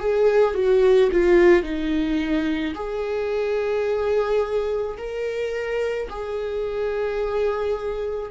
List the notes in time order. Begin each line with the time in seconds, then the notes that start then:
0.00 G#4
0.55 F#4
1.12 F4
1.63 D#4
2.75 G#4
4.98 A#4
6.10 G#4